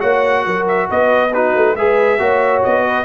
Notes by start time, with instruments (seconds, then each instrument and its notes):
0.00 tuba A#3, trombone F#4, horn C#5, trumpet F#5
0.46 tuba F#3, horn A#4
0.68 trumpet E5
0.90 tuba B3, horn B4, trumpet D#5
1.34 trombone D#4, horn F#4, trumpet B4
1.56 tuba A3
1.75 tuba G#3, trombone G#4, horn B4, trumpet E5
2.19 tuba A#3, trombone F#4, horn C#5
2.64 tuba B3, trumpet D#5
2.87 horn B4